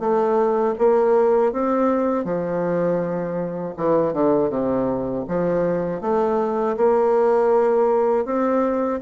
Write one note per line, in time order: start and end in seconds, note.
0.00 0.75 A3
0.79 1.53 A#3
1.53 2.25 C4
2.25 3.75 F3
3.77 4.14 E3
4.14 4.50 D3
4.50 5.25 C3
5.28 6.02 F3
6.02 6.77 A3
6.77 8.25 A#3
8.25 9.00 C4